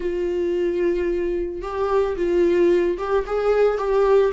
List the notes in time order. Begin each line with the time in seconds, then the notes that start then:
0.00 F4
1.62 G4
2.16 F4
2.97 G4
3.26 G#4
3.77 G4